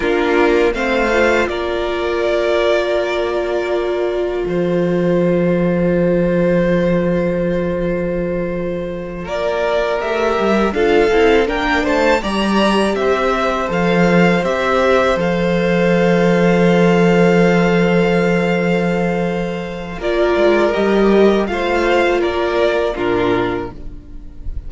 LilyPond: <<
  \new Staff \with { instrumentName = "violin" } { \time 4/4 \tempo 4 = 81 ais'4 f''4 d''2~ | d''2 c''2~ | c''1~ | c''8 d''4 e''4 f''4 g''8 |
a''8 ais''4 e''4 f''4 e''8~ | e''8 f''2.~ f''8~ | f''2. d''4 | dis''4 f''4 d''4 ais'4 | }
  \new Staff \with { instrumentName = "violin" } { \time 4/4 f'4 c''4 ais'2~ | ais'2 a'2~ | a'1~ | a'8 ais'2 a'4 ais'8 |
c''8 d''4 c''2~ c''8~ | c''1~ | c''2. ais'4~ | ais'4 c''4 ais'4 f'4 | }
  \new Staff \with { instrumentName = "viola" } { \time 4/4 d'4 c'8 f'2~ f'8~ | f'1~ | f'1~ | f'4. g'4 f'8 e'8 d'8~ |
d'8 g'2 a'4 g'8~ | g'8 a'2.~ a'8~ | a'2. f'4 | g'4 f'2 d'4 | }
  \new Staff \with { instrumentName = "cello" } { \time 4/4 ais4 a4 ais2~ | ais2 f2~ | f1~ | f8 ais4 a8 g8 d'8 c'8 ais8 |
a8 g4 c'4 f4 c'8~ | c'8 f2.~ f8~ | f2. ais8 gis8 | g4 a4 ais4 ais,4 | }
>>